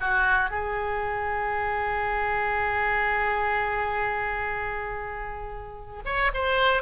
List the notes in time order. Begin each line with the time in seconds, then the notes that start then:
0.00 F#4
0.50 G#4
6.05 C#5
6.33 C5